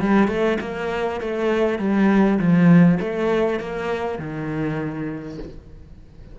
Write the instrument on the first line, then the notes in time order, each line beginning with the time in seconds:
cello
0.00 G3
0.28 A3
0.61 A#3
1.20 A3
1.78 G3
2.39 F3
3.00 A3
3.60 A#3
4.18 D#3